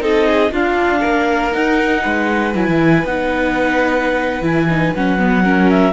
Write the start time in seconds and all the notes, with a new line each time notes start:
0.00 C4 D#4 A4 D#5
0.26 G#4
0.51 D4 F4 F5
0.99 A#3 A#4
1.51 D#4 F#5
2.02 G#3 B4
2.55 F#3 E4 G#5
2.66 E3
3.04 B3 D#4 F#5
4.41 E3 E4 G#5
4.70 D#4
4.95 F#3 C#4 F#5
5.18 B3
5.43 C#4 A#4
5.70 E5